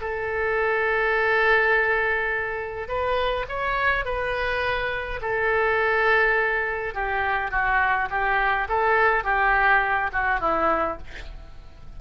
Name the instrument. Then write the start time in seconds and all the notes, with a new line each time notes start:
oboe
0.00 A4
2.88 B4
3.48 C#5
4.05 B4
5.21 A4
6.94 G4
7.51 F#4
8.10 G4
8.68 A4
9.24 G4
10.12 F#4
10.40 E4